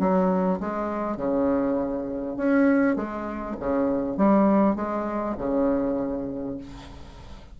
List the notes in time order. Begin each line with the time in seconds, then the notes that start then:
0.00 F#3
0.60 G#3
1.17 C#3
2.37 C#4
2.96 G#3
3.60 C#3
4.18 G3
4.76 G#3
5.38 C#3